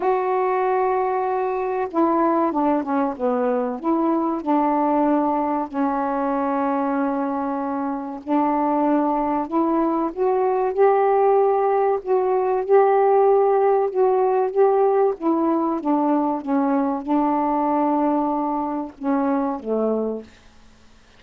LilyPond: \new Staff \with { instrumentName = "saxophone" } { \time 4/4 \tempo 4 = 95 fis'2. e'4 | d'8 cis'8 b4 e'4 d'4~ | d'4 cis'2.~ | cis'4 d'2 e'4 |
fis'4 g'2 fis'4 | g'2 fis'4 g'4 | e'4 d'4 cis'4 d'4~ | d'2 cis'4 a4 | }